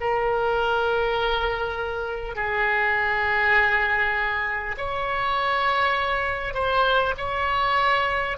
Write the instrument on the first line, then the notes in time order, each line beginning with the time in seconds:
oboe
0.00 A#4
2.36 G#4
4.77 C#5
6.53 C5
7.17 C#5